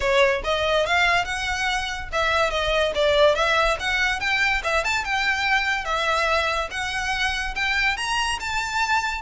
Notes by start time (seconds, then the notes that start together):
0.00 C#5
0.44 D#5
0.86 F5
1.25 F#5
2.12 E5
2.50 D#5
2.94 D5
3.35 E5
3.79 F#5
4.20 G5
4.63 E5
4.84 A5
5.04 G5
5.84 E5
6.70 F#5
7.55 G5
7.96 A#5
8.40 A5